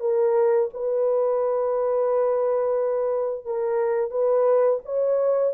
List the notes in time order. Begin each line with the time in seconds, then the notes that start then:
0.00 A#4
0.74 B4
3.45 A#4
4.11 B4
4.85 C#5